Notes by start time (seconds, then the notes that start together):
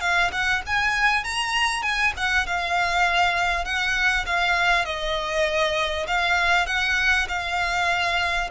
0.00 F5
0.32 F#5
0.66 G#5
1.24 A#5
1.82 G#5
2.16 F#5
2.46 F5
3.64 F#5
4.26 F5
4.85 D#5
6.07 F5
6.66 F#5
7.28 F5